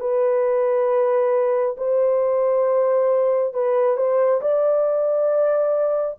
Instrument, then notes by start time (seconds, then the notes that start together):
horn
0.00 B4
1.77 C5
3.53 B4
3.97 C5
4.41 D5